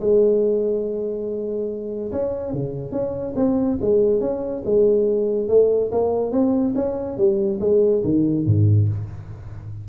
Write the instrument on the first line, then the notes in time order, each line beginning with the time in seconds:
tuba
0.00 G#3
2.12 C#4
2.52 C#3
2.92 C#4
3.36 C4
3.81 G#3
4.20 C#4
4.65 G#3
5.48 A3
5.91 A#3
6.31 C4
6.75 C#4
7.17 G3
7.60 G#3
8.04 D#3
8.46 G#2